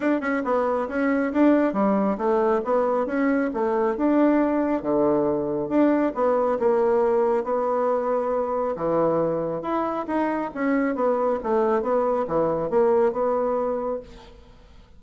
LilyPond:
\new Staff \with { instrumentName = "bassoon" } { \time 4/4 \tempo 4 = 137 d'8 cis'8 b4 cis'4 d'4 | g4 a4 b4 cis'4 | a4 d'2 d4~ | d4 d'4 b4 ais4~ |
ais4 b2. | e2 e'4 dis'4 | cis'4 b4 a4 b4 | e4 ais4 b2 | }